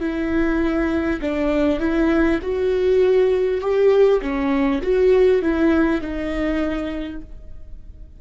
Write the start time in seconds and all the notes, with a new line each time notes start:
0.00 E4
1.21 D4
1.79 E4
2.42 F#4
3.60 G4
4.21 C#4
4.82 F#4
5.42 E4
6.01 D#4